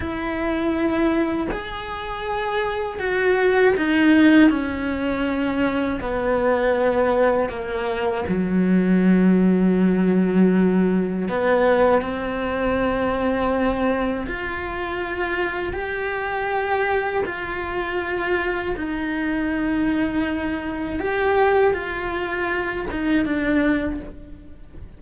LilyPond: \new Staff \with { instrumentName = "cello" } { \time 4/4 \tempo 4 = 80 e'2 gis'2 | fis'4 dis'4 cis'2 | b2 ais4 fis4~ | fis2. b4 |
c'2. f'4~ | f'4 g'2 f'4~ | f'4 dis'2. | g'4 f'4. dis'8 d'4 | }